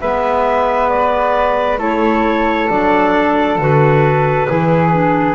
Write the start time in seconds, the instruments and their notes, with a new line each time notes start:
0.00 double bass G#3, clarinet B3 E5, flute B4
0.89 clarinet D5
1.78 double bass A3, clarinet E4 C#5, flute A4
2.69 double bass F#3, clarinet D4 D5
3.58 double bass D3, clarinet F#4 B4
4.48 double bass E3, clarinet E4, flute G#4
4.92 clarinet D4